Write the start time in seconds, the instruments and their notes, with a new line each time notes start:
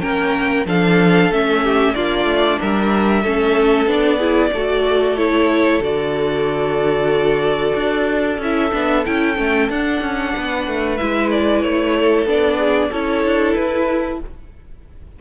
0.00 cello A#3, viola C#4, violin A#4 G5
0.65 cello F3, viola D4, violin A4 F5
1.30 cello A3, viola C#4, violin E5
1.63 violin G4
1.94 cello A#3, viola D4, violin F4 D5
2.25 cello A3
2.60 cello G3, violin A#4 E5
3.23 cello A3, viola C#4, violin A4
3.86 cello B3, viola D4, violin D5
4.18 viola E4, violin G#4
4.52 cello A3, viola F#4, violin A4
5.17 viola E4, violin C#5
5.80 cello D3, viola F#4, violin D5
7.75 cello D4
8.38 cello C#4, viola E4, violin E5
8.72 cello B3, viola D4
9.05 cello C#4, viola E4, violin G5
9.36 cello A3, viola C#4
9.69 cello D4, viola D4, violin F#5
10.01 cello C#4
10.36 cello B3, violin B4
10.67 cello A3
10.97 cello G#3, viola E4, violin E5
11.31 violin D5
11.62 cello A3, violin C#5
11.97 violin A4
12.26 cello B3, viola D4, violin D5
12.59 violin G#4
12.90 cello C#4, viola E4, violin A4 C#5
13.24 cello D4
13.54 cello E4, violin B4